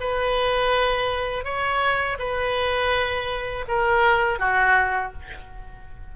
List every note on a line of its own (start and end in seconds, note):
0.00 1.44 B4
1.44 2.18 C#5
2.19 3.65 B4
3.68 4.39 A#4
4.39 5.13 F#4